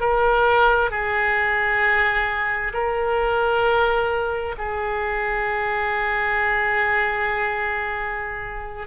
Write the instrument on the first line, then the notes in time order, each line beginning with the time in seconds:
oboe
0.00 A#4
0.90 G#4
2.74 A#4
4.58 G#4